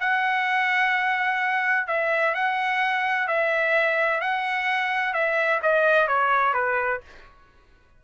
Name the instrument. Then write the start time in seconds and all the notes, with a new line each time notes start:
trumpet
0.00 F#5
1.87 E5
2.34 F#5
3.27 E5
4.21 F#5
5.13 E5
5.62 D#5
6.08 C#5
6.54 B4